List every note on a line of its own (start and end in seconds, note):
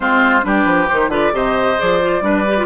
0.00 0.43 G#3
0.00 0.42 C4
0.00 0.45 F4
0.00 0.44 C5
0.42 0.65 G3
0.42 0.87 D4
0.42 1.10 G4
0.42 0.88 B4
0.65 0.87 F3
0.88 1.08 D#3
0.88 1.10 D#4
0.88 1.10 C5
1.08 1.30 D3
1.08 1.32 F4
1.08 1.32 B4
1.08 1.35 D5
1.32 1.77 C3
1.32 1.76 G4
1.32 2.23 C5
1.32 1.79 D#5
1.78 2.21 F3
1.78 2.00 G#4
1.78 2.65 D5
2.01 2.21 F4
2.21 2.65 G3
2.21 2.44 D4
2.21 2.65 B4
2.47 2.57 G4
2.57 2.65 F4